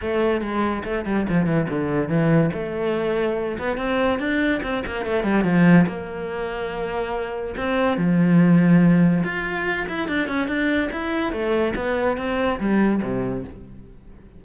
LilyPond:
\new Staff \with { instrumentName = "cello" } { \time 4/4 \tempo 4 = 143 a4 gis4 a8 g8 f8 e8 | d4 e4 a2~ | a8 b8 c'4 d'4 c'8 ais8 | a8 g8 f4 ais2~ |
ais2 c'4 f4~ | f2 f'4. e'8 | d'8 cis'8 d'4 e'4 a4 | b4 c'4 g4 c4 | }